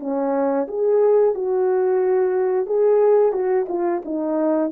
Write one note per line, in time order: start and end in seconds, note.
0.00 0.67 C#4
0.68 1.35 G#4
1.35 2.67 F#4
2.67 3.33 G#4
3.33 3.66 F#4
3.69 4.03 F4
4.05 4.72 D#4